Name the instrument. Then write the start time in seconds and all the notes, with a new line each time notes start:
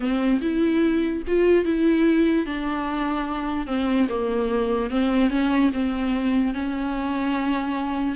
viola
0.00 C4
0.41 E4
1.27 F4
1.64 E4
2.46 D4
3.67 C4
4.09 A#3
4.90 C4
5.30 C#4
5.73 C4
6.53 C#4